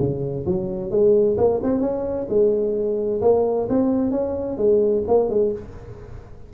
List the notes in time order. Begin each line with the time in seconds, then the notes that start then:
0.00 C#3
0.47 F#3
0.91 G#3
1.38 A#3
1.63 C4
1.81 C#4
2.29 G#3
3.22 A#3
3.69 C4
4.12 C#4
4.58 G#3
5.08 A#3
5.30 G#3